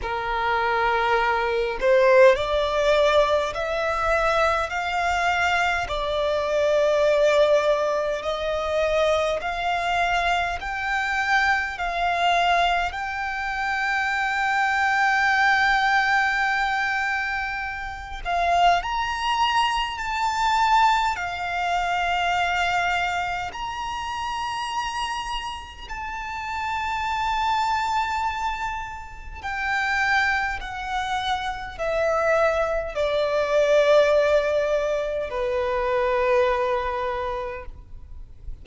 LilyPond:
\new Staff \with { instrumentName = "violin" } { \time 4/4 \tempo 4 = 51 ais'4. c''8 d''4 e''4 | f''4 d''2 dis''4 | f''4 g''4 f''4 g''4~ | g''2.~ g''8 f''8 |
ais''4 a''4 f''2 | ais''2 a''2~ | a''4 g''4 fis''4 e''4 | d''2 b'2 | }